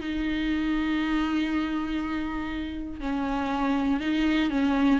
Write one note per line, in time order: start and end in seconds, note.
0.00 3.00 D#4
3.00 4.00 C#4
4.00 4.50 D#4
4.50 5.00 C#4